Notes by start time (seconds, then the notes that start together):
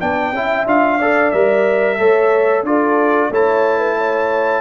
0.00 B3 D4 D5 G5
0.32 C#4 E4 E5
0.66 D4 F4 F5
0.98 A4 D5
1.31 G3 A#4 E5
1.99 A3 A4 C#5
2.62 D4 F4 A4 D5
3.30 A3 E4 C#5 A5
3.78 B4
3.97 C#5